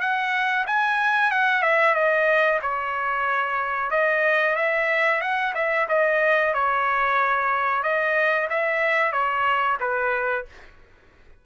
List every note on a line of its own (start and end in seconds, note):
0.00 0.65 F#5
0.66 1.31 G#5
1.31 1.62 F#5
1.62 1.94 E5
1.94 2.60 D#5
2.61 3.90 C#5
3.90 4.55 D#5
4.56 5.21 E5
5.21 5.53 F#5
5.54 5.87 E5
5.88 6.54 D#5
6.54 7.83 C#5
7.83 8.48 D#5
8.50 9.12 E5
9.12 9.77 C#5
9.80 10.45 B4